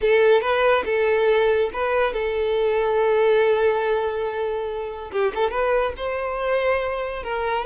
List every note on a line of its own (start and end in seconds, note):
0.01 0.41 A4
0.41 0.83 B4
0.85 1.70 A4
1.73 2.13 B4
2.13 5.11 A4
5.11 5.32 G4
5.34 5.50 A4
5.50 5.93 B4
5.96 7.23 C5
7.23 7.65 A#4